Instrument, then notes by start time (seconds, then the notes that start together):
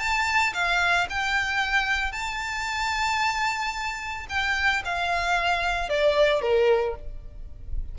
violin
0.00 A5
0.54 F5
1.10 G5
2.13 A5
4.30 G5
4.85 F5
5.90 D5
6.42 A#4